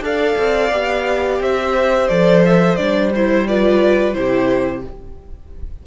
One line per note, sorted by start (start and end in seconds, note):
0.00 0.34 D4
0.00 0.70 A4
0.00 1.42 D5
0.00 1.42 F5
0.38 0.71 C4
0.71 1.40 B3
0.71 2.09 G4
1.40 2.09 C4
1.40 3.47 C5
1.40 2.08 E5
2.08 2.79 F3
2.08 2.78 A4
2.08 2.42 D5
2.45 2.76 E5
2.76 4.14 G3
2.76 3.12 D4
2.76 3.10 D5
3.15 3.48 E4
3.15 3.47 C5
3.47 4.14 F4
3.47 4.16 B4
3.47 4.13 D5
4.13 4.83 C3
4.13 4.83 E4
4.13 4.86 G4
4.13 4.82 C5